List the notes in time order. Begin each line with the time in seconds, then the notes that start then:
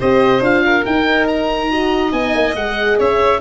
0.00 C4 G4 C5 D#5
0.41 D4 F4 F5
0.66 A#4
0.86 D#4 G5
1.28 A#5
1.71 F#4 D#5
2.12 B3 D#4 G#5
2.35 A#3
2.55 G#3 G#4 F#5
2.99 C#4 C#5 E5